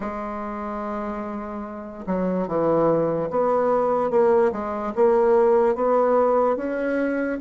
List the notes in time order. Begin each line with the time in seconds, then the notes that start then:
0.00 G#3
2.06 F#3
2.47 E3
3.30 B3
4.10 A#3
4.52 G#3
4.95 A#3
5.75 B3
6.56 C#4